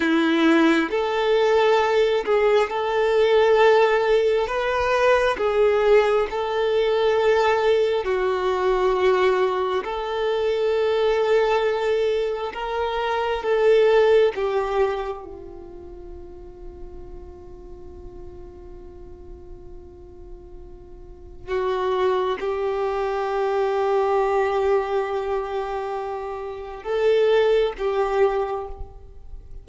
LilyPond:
\new Staff \with { instrumentName = "violin" } { \time 4/4 \tempo 4 = 67 e'4 a'4. gis'8 a'4~ | a'4 b'4 gis'4 a'4~ | a'4 fis'2 a'4~ | a'2 ais'4 a'4 |
g'4 f'2.~ | f'1 | fis'4 g'2.~ | g'2 a'4 g'4 | }